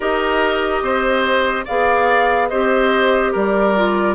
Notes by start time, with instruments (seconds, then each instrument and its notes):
0.00 bassoon D#4, clarinet G4, oboe A#4, flute D#5
0.82 bassoon C4, oboe C5
1.65 bassoon B3, clarinet G#4, oboe D5, flute F5
2.48 bassoon C4, clarinet G4, oboe C5, flute D#5
3.32 bassoon G3, oboe A#4, flute D5
3.76 clarinet F4